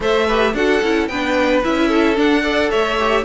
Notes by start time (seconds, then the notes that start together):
0.00 A3 A4 C5 E5
0.26 G4 B4
0.53 D4 F#4 A4 F#5
0.82 C#4 E4
1.07 B3 D4 B4 G5
1.63 C#4 E4 E5
1.88 A4
2.15 D4 F#5
2.42 A4 D5
2.70 A3 C#5 E5
2.98 G4